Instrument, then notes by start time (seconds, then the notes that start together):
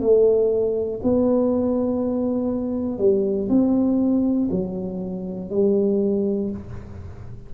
tuba
0.00 A3
1.03 B3
2.98 G3
3.49 C4
4.51 F#3
5.50 G3